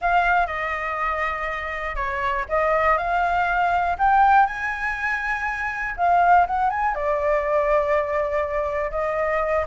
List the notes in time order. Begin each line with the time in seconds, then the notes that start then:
0.01 F5
0.46 D#5
1.95 C#5
2.48 D#5
2.97 F5
3.98 G5
4.46 G#5
5.96 F5
6.46 F#5
6.70 G#5
6.94 D5
8.90 D#5